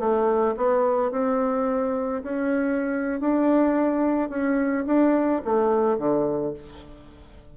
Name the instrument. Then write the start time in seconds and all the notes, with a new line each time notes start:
bassoon
0.00 A3
0.57 B3
1.12 C4
2.23 C#4
3.21 D4
4.30 C#4
4.87 D4
5.45 A3
5.98 D3